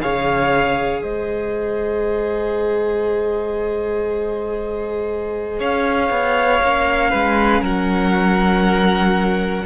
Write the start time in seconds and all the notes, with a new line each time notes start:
0.00 C#3 G#4 C#5 F5
1.01 G#3 C5 D#5
5.59 C#4 C#5 F5
6.10 B3
6.61 A#3 C#4
7.10 G#3 B4
7.61 F#3 A#4 F#5